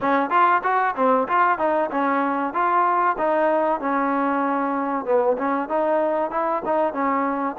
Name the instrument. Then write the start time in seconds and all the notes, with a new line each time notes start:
trombone
0.00 C#4
0.30 F4
0.63 F#4
0.96 C4
1.28 F4
1.58 D#4
1.91 C#4
2.53 F4
3.18 D#4
3.80 C#4
5.05 B3
5.37 C#4
5.68 D#4
6.30 E4
6.65 D#4
6.93 C#4